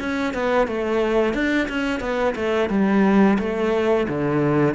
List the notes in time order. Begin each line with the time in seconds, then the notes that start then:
0.00 C#4
0.34 B3
0.68 A3
1.34 D4
1.69 C#4
2.01 B3
2.36 A3
2.70 G3
3.39 A3
4.09 D3